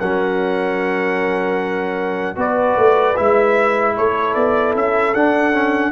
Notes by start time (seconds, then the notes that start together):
0.00 F#3 C#4 A#4 F#5
2.36 B3 F#4 B4 D5
2.77 A3
3.17 G#3 E4 E5
3.97 A3 A4 C#5
4.35 B3 D5
4.76 C#4 E5
5.15 D4 F#5
5.53 C#4